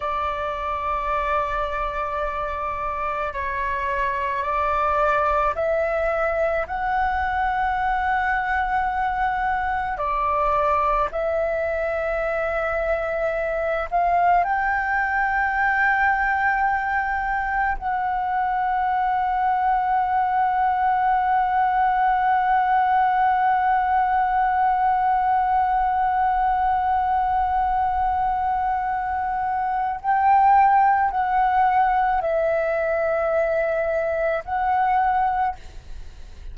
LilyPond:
\new Staff \with { instrumentName = "flute" } { \time 4/4 \tempo 4 = 54 d''2. cis''4 | d''4 e''4 fis''2~ | fis''4 d''4 e''2~ | e''8 f''8 g''2. |
fis''1~ | fis''1~ | fis''2. g''4 | fis''4 e''2 fis''4 | }